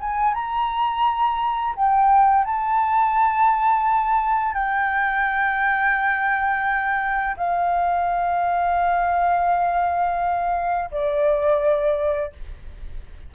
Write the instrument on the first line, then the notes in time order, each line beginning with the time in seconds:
flute
0.00 G#5
0.34 A#5
1.76 G5
2.44 A5
4.53 G5
7.37 F5
10.91 D5